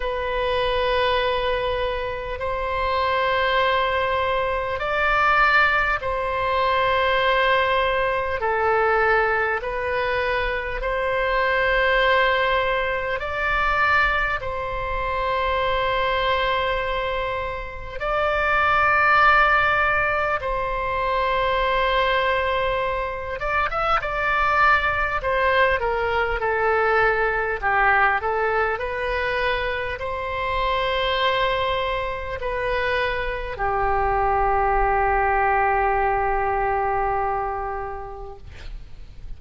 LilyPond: \new Staff \with { instrumentName = "oboe" } { \time 4/4 \tempo 4 = 50 b'2 c''2 | d''4 c''2 a'4 | b'4 c''2 d''4 | c''2. d''4~ |
d''4 c''2~ c''8 d''16 e''16 | d''4 c''8 ais'8 a'4 g'8 a'8 | b'4 c''2 b'4 | g'1 | }